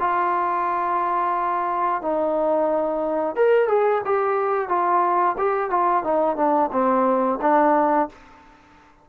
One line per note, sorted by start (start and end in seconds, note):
0.00 2.02 F4
2.02 3.36 D#4
3.36 3.69 A#4
3.69 4.02 G#4
4.05 4.69 G4
4.69 5.36 F4
5.38 5.71 G4
5.71 6.04 F4
6.04 6.37 D#4
6.37 6.70 D4
6.72 7.40 C4
7.42 8.09 D4